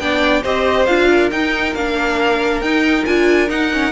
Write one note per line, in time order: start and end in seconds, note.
0.00 0.44 B3
0.00 0.44 D4
0.00 0.43 D5
0.00 0.44 G5
0.43 0.88 C4
0.43 0.88 G4
0.43 1.08 C5
0.43 0.86 D#5
0.86 1.32 D4
0.86 1.32 F4
0.86 1.30 F5
1.10 3.92 A#4
1.32 1.75 D#4
1.32 1.76 D#4
1.32 1.75 G5
1.75 2.61 A#3
1.75 2.64 D4
1.75 2.61 F5
2.61 3.05 D#4
2.61 3.06 D#4
2.61 3.05 G5
3.06 3.50 D4
3.06 3.48 F4
3.06 3.50 G#5
3.48 3.70 D#4
3.48 3.92 D#4
3.48 3.92 F#5
3.74 3.92 C#4